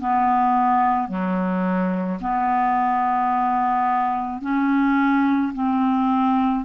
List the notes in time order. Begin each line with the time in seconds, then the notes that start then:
0.00 B3
1.09 F#3
2.21 B3
4.42 C#4
5.54 C4